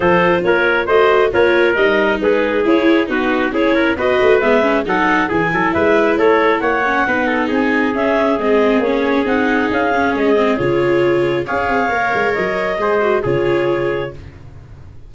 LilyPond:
<<
  \new Staff \with { instrumentName = "clarinet" } { \time 4/4 \tempo 4 = 136 c''4 cis''4 dis''4 cis''4 | dis''4 b'4 cis''4 b'4 | cis''4 dis''4 e''4 fis''4 | gis''4 e''4 cis''4 fis''4~ |
fis''4 gis''4 e''4 dis''4 | cis''4 fis''4 f''4 dis''4 | cis''2 f''2 | dis''2 cis''2 | }
  \new Staff \with { instrumentName = "trumpet" } { \time 4/4 a'4 ais'4 c''4 ais'4~ | ais'4 gis'2 fis'4 | gis'8 ais'8 b'2 a'4 | gis'8 a'8 b'4 a'4 cis''4 |
b'8 a'8 gis'2.~ | gis'1~ | gis'2 cis''2~ | cis''4 c''4 gis'2 | }
  \new Staff \with { instrumentName = "viola" } { \time 4/4 f'2 fis'4 f'4 | dis'2 e'4 dis'4 | e'4 fis'4 b8 cis'8 dis'4 | e'2.~ e'8 cis'8 |
dis'2 cis'4 c'4 | cis'4 dis'4. cis'4 c'8 | f'2 gis'4 ais'4~ | ais'4 gis'8 fis'8 f'2 | }
  \new Staff \with { instrumentName = "tuba" } { \time 4/4 f4 ais4 a4 ais4 | g4 gis4 e'4 b4 | cis'4 b8 a8 gis4 fis4 | e8 fis8 gis4 a4 ais4 |
b4 c'4 cis'4 gis4 | ais4 c'4 cis'4 gis4 | cis2 cis'8 c'8 ais8 gis8 | fis4 gis4 cis2 | }
>>